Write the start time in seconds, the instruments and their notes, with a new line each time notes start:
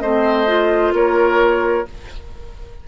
0.00 bassoon A3, clarinet C4, oboe C5, flute D#5
0.47 clarinet F4
0.93 bassoon A#3, oboe A#4, flute C#5